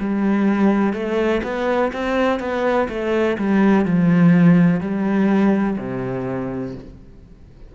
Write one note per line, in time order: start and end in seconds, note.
0.00 0.94 G3
0.94 1.42 A3
1.44 1.92 B3
1.93 2.40 C4
2.40 2.89 B3
2.89 3.37 A3
3.39 3.85 G3
3.85 4.81 F3
4.81 5.78 G3
5.78 6.75 C3